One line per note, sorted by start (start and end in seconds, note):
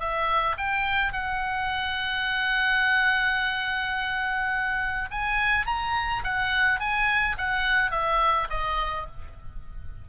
0.00 0.57 E5
0.58 1.13 G5
1.13 5.09 F#5
5.11 5.67 G#5
5.67 6.23 A#5
6.24 6.80 F#5
6.80 7.37 G#5
7.38 7.92 F#5
7.92 8.48 E5
8.51 9.07 D#5